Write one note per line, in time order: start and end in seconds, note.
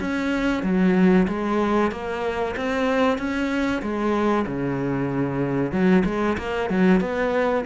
0.00 0.63 C#4
0.63 1.26 F#3
1.27 1.91 G#3
1.91 2.55 A#3
2.56 3.18 C4
3.18 3.82 C#4
3.82 4.46 G#3
4.46 5.71 C#3
5.71 6.03 F#3
6.05 6.37 G#3
6.37 6.69 A#3
6.69 7.00 F#3
7.00 7.64 B3